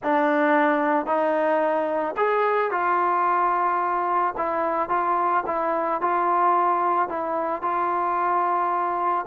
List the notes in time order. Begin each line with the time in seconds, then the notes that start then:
0.03 D4
1.06 D#4
2.16 G#4
2.71 F4
4.37 E4
4.89 F4
5.46 E4
6.01 F4
7.09 E4
7.62 F4